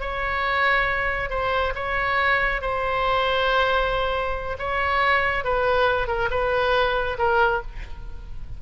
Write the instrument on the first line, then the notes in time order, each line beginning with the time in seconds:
oboe
0.00 C#5
1.30 C5
1.75 C#5
2.61 C5
4.59 C#5
5.44 B4
6.08 A#4
6.31 B4
7.18 A#4